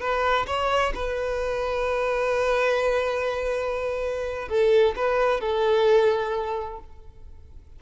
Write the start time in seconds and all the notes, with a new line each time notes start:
0.00 B4
0.47 C#5
0.95 B4
4.49 A4
4.96 B4
5.41 A4